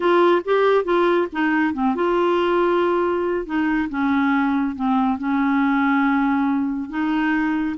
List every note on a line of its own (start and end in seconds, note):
0.00 0.42 F4
0.45 0.84 G4
0.84 1.27 F4
1.32 1.73 D#4
1.73 1.95 C4
1.95 3.45 F4
3.45 3.88 D#4
3.89 4.75 C#4
4.75 5.18 C4
5.18 6.89 C#4
6.89 7.76 D#4